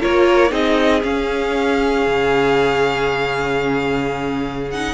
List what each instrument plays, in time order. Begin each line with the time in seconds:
0.00 cello A#3, viola F4, violin A#4 C#5
0.49 cello C4, viola D#4, violin G#4 D#5
1.03 viola C#4, cello C#4, violin F5
2.06 cello C#3
4.70 viola D#4, violin F#5